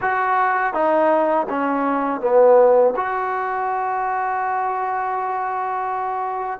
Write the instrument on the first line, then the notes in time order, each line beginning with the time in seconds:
trombone
0.01 F#4
0.73 D#4
1.49 C#4
2.20 B3
2.96 F#4